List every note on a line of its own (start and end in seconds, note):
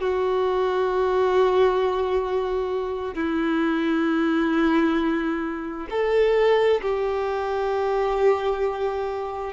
0.00 3.14 F#4
3.14 5.87 E4
5.90 6.81 A4
6.81 9.53 G4